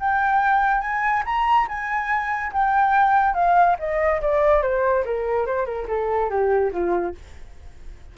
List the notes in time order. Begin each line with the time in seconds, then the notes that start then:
0.00 G5
0.81 G#5
1.25 A#5
1.68 G#5
2.53 G5
3.34 F5
3.79 D#5
4.21 D5
4.62 C5
5.05 A#4
5.46 C5
5.66 A#4
5.88 A4
6.30 G4
6.72 F4